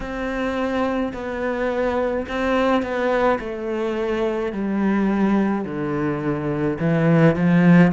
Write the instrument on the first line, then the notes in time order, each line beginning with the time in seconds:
cello
0.00 C4
1.13 B3
2.28 C4
2.82 B3
3.40 A3
4.52 G3
5.64 D3
6.79 E3
7.35 F3